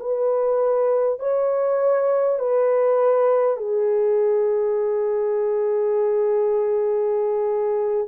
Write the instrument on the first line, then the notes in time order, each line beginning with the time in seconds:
horn
0.00 B4
1.19 C#5
2.39 B4
3.57 G#4